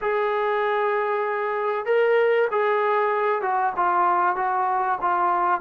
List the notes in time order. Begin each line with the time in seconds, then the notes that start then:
0.01 G#4
1.85 A#4
2.51 G#4
3.41 F#4
3.76 F4
4.36 F#4
5.01 F4